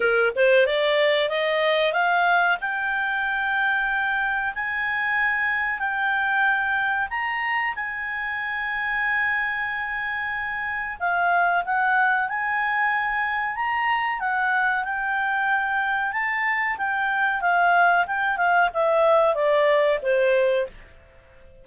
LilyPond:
\new Staff \with { instrumentName = "clarinet" } { \time 4/4 \tempo 4 = 93 ais'8 c''8 d''4 dis''4 f''4 | g''2. gis''4~ | gis''4 g''2 ais''4 | gis''1~ |
gis''4 f''4 fis''4 gis''4~ | gis''4 ais''4 fis''4 g''4~ | g''4 a''4 g''4 f''4 | g''8 f''8 e''4 d''4 c''4 | }